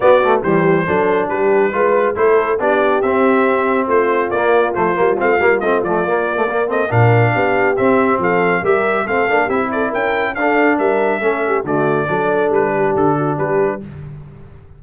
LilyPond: <<
  \new Staff \with { instrumentName = "trumpet" } { \time 4/4 \tempo 4 = 139 d''4 c''2 b'4~ | b'4 c''4 d''4 e''4~ | e''4 c''4 d''4 c''4 | f''4 dis''8 d''2 dis''8 |
f''2 e''4 f''4 | e''4 f''4 e''8 d''8 g''4 | f''4 e''2 d''4~ | d''4 b'4 a'4 b'4 | }
  \new Staff \with { instrumentName = "horn" } { \time 4/4 fis'4 g'4 a'4 g'4 | b'4 a'4 g'2~ | g'4 f'2.~ | f'2. ais'8 a'8 |
ais'4 g'2 a'4 | ais'4 a'4 g'8 a'8 ais'4 | a'4 ais'4 a'8 g'8 fis'4 | a'4. g'4 fis'8 g'4 | }
  \new Staff \with { instrumentName = "trombone" } { \time 4/4 b8 a8 g4 d'2 | f'4 e'4 d'4 c'4~ | c'2 ais4 a8 ais8 | c'8 ais8 c'8 a8 ais8. a16 ais8 c'8 |
d'2 c'2 | g'4 c'8 d'8 e'2 | d'2 cis'4 a4 | d'1 | }
  \new Staff \with { instrumentName = "tuba" } { \time 4/4 b4 e4 fis4 g4 | gis4 a4 b4 c'4~ | c'4 a4 ais4 f8 g8 | a8 g8 a8 f8 ais2 |
ais,4 b4 c'4 f4 | g4 a8 ais8 c'4 cis'4 | d'4 g4 a4 d4 | fis4 g4 d4 g4 | }
>>